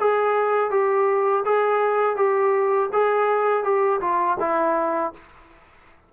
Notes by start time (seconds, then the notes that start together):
0.00 G#4
0.71 G4
1.45 G#4
2.16 G4
2.93 G#4
3.64 G4
4.01 F4
4.40 E4